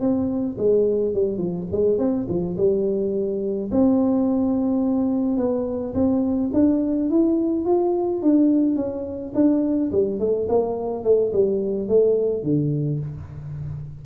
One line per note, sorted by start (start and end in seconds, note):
0.00 0.57 C4
0.58 1.14 G#3
1.14 1.38 G3
1.38 1.66 F3
1.72 1.98 G#3
1.98 2.26 C4
2.28 2.57 F3
2.57 3.70 G3
3.72 5.37 C4
5.37 5.94 B3
5.94 6.51 C4
6.53 7.10 D4
7.10 7.65 E4
7.65 8.22 F4
8.22 8.76 D4
8.76 9.32 C#4
9.34 9.91 D4
9.92 10.19 G3
10.19 10.48 A3
10.49 11.04 A#3
11.04 11.32 A3
11.33 11.88 G3
11.88 12.43 A3
12.43 13.00 D3